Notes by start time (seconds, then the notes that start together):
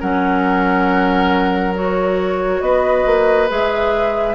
0.00 F#3 C#4 A#4 F#5
1.74 F#4 C#5
2.61 B3 B4 D#5
3.05 A#3
3.49 G#3 G#4 E5